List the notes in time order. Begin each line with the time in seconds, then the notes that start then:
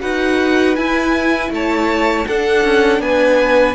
0.00 D#4 F#4 B4 F#5
0.76 E4 G#5
1.51 A3 C#5 A5
2.27 D4 A4 F#5
2.64 C#4
3.00 B3 B4 G#5